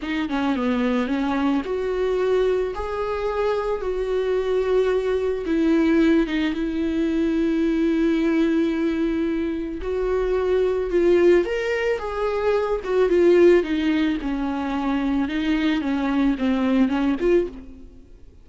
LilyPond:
\new Staff \with { instrumentName = "viola" } { \time 4/4 \tempo 4 = 110 dis'8 cis'8 b4 cis'4 fis'4~ | fis'4 gis'2 fis'4~ | fis'2 e'4. dis'8 | e'1~ |
e'2 fis'2 | f'4 ais'4 gis'4. fis'8 | f'4 dis'4 cis'2 | dis'4 cis'4 c'4 cis'8 f'8 | }